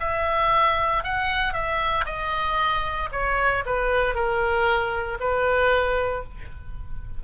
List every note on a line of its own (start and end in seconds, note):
0.00 1.03 E5
1.03 1.53 F#5
1.53 2.05 E5
2.05 3.09 D#5
3.12 3.64 C#5
3.65 4.15 B4
4.15 5.18 A#4
5.20 6.24 B4